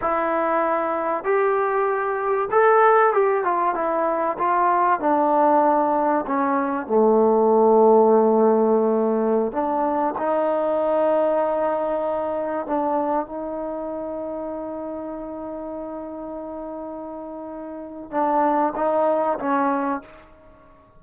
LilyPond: \new Staff \with { instrumentName = "trombone" } { \time 4/4 \tempo 4 = 96 e'2 g'2 | a'4 g'8 f'8 e'4 f'4 | d'2 cis'4 a4~ | a2.~ a16 d'8.~ |
d'16 dis'2.~ dis'8.~ | dis'16 d'4 dis'2~ dis'8.~ | dis'1~ | dis'4 d'4 dis'4 cis'4 | }